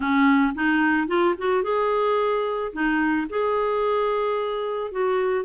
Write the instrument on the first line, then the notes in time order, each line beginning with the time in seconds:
clarinet
0.00 C#4
0.55 D#4
1.07 F4
1.38 F#4
1.63 G#4
2.72 D#4
3.29 G#4
4.91 F#4